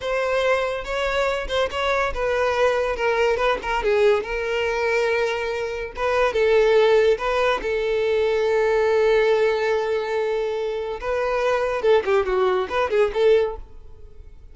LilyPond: \new Staff \with { instrumentName = "violin" } { \time 4/4 \tempo 4 = 142 c''2 cis''4. c''8 | cis''4 b'2 ais'4 | b'8 ais'8 gis'4 ais'2~ | ais'2 b'4 a'4~ |
a'4 b'4 a'2~ | a'1~ | a'2 b'2 | a'8 g'8 fis'4 b'8 gis'8 a'4 | }